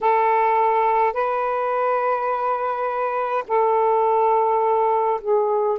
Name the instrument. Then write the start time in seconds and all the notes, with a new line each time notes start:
saxophone
0.01 A4
1.13 B4
3.47 A4
5.21 G#4